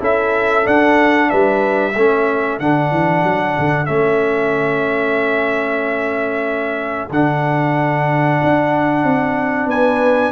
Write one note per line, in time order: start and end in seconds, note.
0.00 0.66 C#4
0.00 0.64 E4
0.00 1.30 A4
0.00 0.67 E5
0.64 1.93 D4
0.64 1.31 D4
0.64 1.30 F#5
1.30 1.95 G3
1.30 1.94 B4
1.30 2.59 E5
1.94 2.60 A3
1.94 2.61 C#4
1.94 9.68 A4
2.59 2.91 D3
2.59 3.87 D4
2.59 3.86 F#5
2.91 3.24 E3
3.24 3.56 F#3
3.59 3.89 D3
3.86 7.10 A3
3.86 7.09 C#4
3.86 7.09 E5
7.10 8.39 D3
7.10 10.32 D4
7.10 9.70 F#5
8.43 9.04 D4
9.04 9.67 C4
9.67 10.31 B3
9.67 10.32 B4
9.67 10.32 G#5